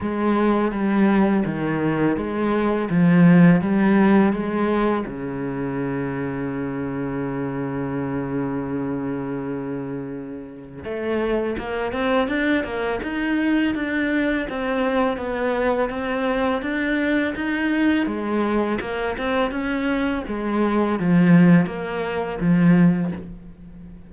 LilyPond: \new Staff \with { instrumentName = "cello" } { \time 4/4 \tempo 4 = 83 gis4 g4 dis4 gis4 | f4 g4 gis4 cis4~ | cis1~ | cis2. a4 |
ais8 c'8 d'8 ais8 dis'4 d'4 | c'4 b4 c'4 d'4 | dis'4 gis4 ais8 c'8 cis'4 | gis4 f4 ais4 f4 | }